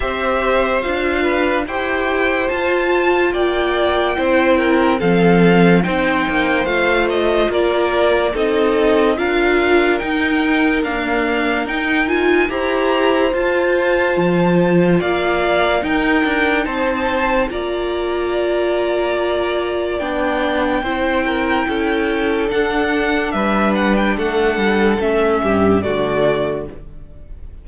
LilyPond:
<<
  \new Staff \with { instrumentName = "violin" } { \time 4/4 \tempo 4 = 72 e''4 f''4 g''4 a''4 | g''2 f''4 g''4 | f''8 dis''8 d''4 dis''4 f''4 | g''4 f''4 g''8 gis''8 ais''4 |
a''2 f''4 g''4 | a''4 ais''2. | g''2. fis''4 | e''8 fis''16 g''16 fis''4 e''4 d''4 | }
  \new Staff \with { instrumentName = "violin" } { \time 4/4 c''4. b'8 c''2 | d''4 c''8 ais'8 a'4 c''4~ | c''4 ais'4 a'4 ais'4~ | ais'2. c''4~ |
c''2 d''4 ais'4 | c''4 d''2.~ | d''4 c''8 ais'8 a'2 | b'4 a'4. g'8 fis'4 | }
  \new Staff \with { instrumentName = "viola" } { \time 4/4 g'4 f'4 g'4 f'4~ | f'4 e'4 c'4 dis'4 | f'2 dis'4 f'4 | dis'4 ais4 dis'8 f'8 g'4 |
f'2. dis'4~ | dis'4 f'2. | d'4 e'2 d'4~ | d'2 cis'4 a4 | }
  \new Staff \with { instrumentName = "cello" } { \time 4/4 c'4 d'4 e'4 f'4 | ais4 c'4 f4 c'8 ais8 | a4 ais4 c'4 d'4 | dis'4 d'4 dis'4 e'4 |
f'4 f4 ais4 dis'8 d'8 | c'4 ais2. | b4 c'4 cis'4 d'4 | g4 a8 g8 a8 g,8 d4 | }
>>